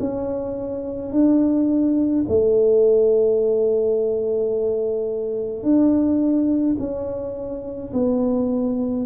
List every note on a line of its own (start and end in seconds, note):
0.00 1.12 C#4
1.12 2.25 D4
2.28 5.63 A3
5.63 6.76 D4
6.79 7.92 C#4
7.93 9.06 B3